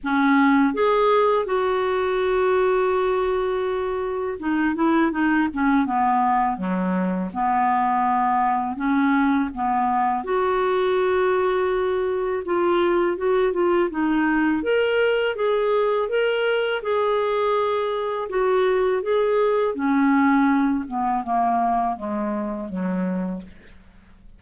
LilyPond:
\new Staff \with { instrumentName = "clarinet" } { \time 4/4 \tempo 4 = 82 cis'4 gis'4 fis'2~ | fis'2 dis'8 e'8 dis'8 cis'8 | b4 fis4 b2 | cis'4 b4 fis'2~ |
fis'4 f'4 fis'8 f'8 dis'4 | ais'4 gis'4 ais'4 gis'4~ | gis'4 fis'4 gis'4 cis'4~ | cis'8 b8 ais4 gis4 fis4 | }